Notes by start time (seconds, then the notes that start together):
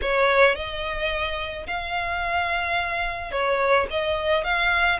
0.02 C#5
0.55 D#5
1.66 F5
3.31 C#5
3.90 D#5
4.44 F5